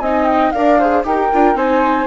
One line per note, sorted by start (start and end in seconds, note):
0.00 0.52 C4
0.00 0.55 D#4
0.00 0.54 D#5
0.00 0.26 G#5
0.26 0.52 G5
0.52 1.05 D4
0.52 0.81 A#4
0.52 0.80 D5
0.52 1.03 F5
0.80 1.05 G#4
0.80 1.05 C5
1.05 1.31 D#4
1.05 1.30 G4
1.05 1.57 A#4
1.05 1.57 G5
1.34 1.55 D4
1.34 1.56 F4
1.55 2.07 C4
1.55 2.07 D#4
1.55 2.07 C5
1.55 2.07 G#5